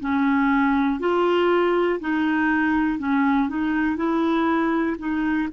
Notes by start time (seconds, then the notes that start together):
0.00 C#4
0.99 F4
2.00 D#4
2.99 C#4
3.48 D#4
3.96 E4
4.98 D#4